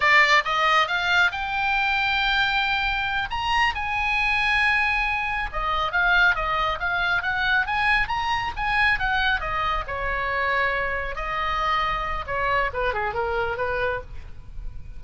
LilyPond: \new Staff \with { instrumentName = "oboe" } { \time 4/4 \tempo 4 = 137 d''4 dis''4 f''4 g''4~ | g''2.~ g''8 ais''8~ | ais''8 gis''2.~ gis''8~ | gis''8 dis''4 f''4 dis''4 f''8~ |
f''8 fis''4 gis''4 ais''4 gis''8~ | gis''8 fis''4 dis''4 cis''4.~ | cis''4. dis''2~ dis''8 | cis''4 b'8 gis'8 ais'4 b'4 | }